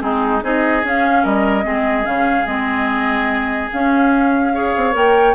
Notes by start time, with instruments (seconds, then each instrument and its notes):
0.00 bassoon G#3, clarinet C4, oboe D#4, flute G#4
0.41 bassoon C4, clarinet D#4, oboe G#4, flute D#5
0.83 bassoon C#4, clarinet C#4, flute F5
1.23 bassoon G3, oboe A#4, flute D#5
1.63 bassoon G#3, clarinet C4, oboe G#4
2.04 bassoon C#3, clarinet C#4, flute F5
2.46 bassoon G#3, clarinet C4, flute D#5
3.72 clarinet C#4, bassoon C#4, flute F5
4.54 clarinet G#4, oboe C#5
4.76 bassoon C4
4.92 bassoon A#3, clarinet A#4, flute G5